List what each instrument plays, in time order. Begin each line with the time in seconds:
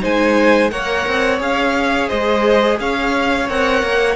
0.00 cello G#3, viola D#4, violin C5 G#5
0.70 cello A#3, viola A#4, violin C#5 F#5
1.06 cello C4
1.38 cello C#4, viola G#4, violin F5
2.08 cello G#3, violin C5 D#5
2.80 cello C#4, violin C#5 F5
3.48 cello C4, viola A#4, violin F#5
3.82 cello A#3